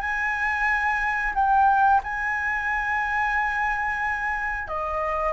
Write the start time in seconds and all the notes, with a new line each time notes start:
0.00 G#5
1.34 G5
2.03 G#5
4.68 D#5